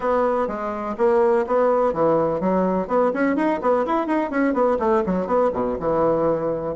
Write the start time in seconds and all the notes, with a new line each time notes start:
0.00 B3
0.47 G#3
0.97 A#3
1.46 B3
1.93 E3
2.40 F#3
2.87 B3
3.13 C#4
3.36 D#4
3.61 B3
3.86 E4
4.06 D#4
4.30 C#4
4.53 B3
4.79 A3
5.06 F#3
5.27 B3
5.53 B2
5.79 E3